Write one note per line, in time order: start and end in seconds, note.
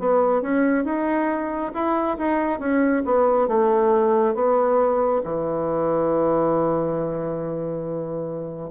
0.00 0.42 B3
0.42 0.85 C#4
0.85 1.72 D#4
1.74 2.18 E4
2.18 2.60 D#4
2.60 3.03 C#4
3.06 3.48 B3
3.48 4.35 A3
4.35 5.22 B3
5.25 8.71 E3